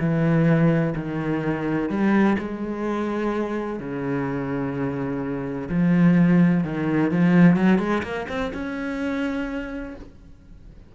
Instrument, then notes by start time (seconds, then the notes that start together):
cello
0.00 E3
0.96 D#3
1.89 G3
2.39 G#3
3.80 C#3
5.70 F3
6.64 D#3
7.11 F3
7.56 F#3
7.79 G#3
8.03 A#3
8.29 C4
8.53 C#4